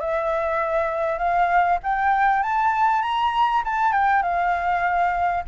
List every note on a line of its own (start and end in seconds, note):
0.00 1.18 E5
1.18 1.79 F5
1.83 2.43 G5
2.43 3.02 A5
3.02 3.63 A#5
3.65 3.93 A5
3.93 4.23 G5
4.23 5.44 F5